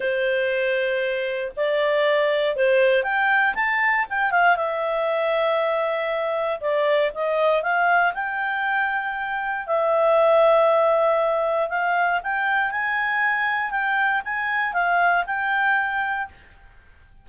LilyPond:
\new Staff \with { instrumentName = "clarinet" } { \time 4/4 \tempo 4 = 118 c''2. d''4~ | d''4 c''4 g''4 a''4 | g''8 f''8 e''2.~ | e''4 d''4 dis''4 f''4 |
g''2. e''4~ | e''2. f''4 | g''4 gis''2 g''4 | gis''4 f''4 g''2 | }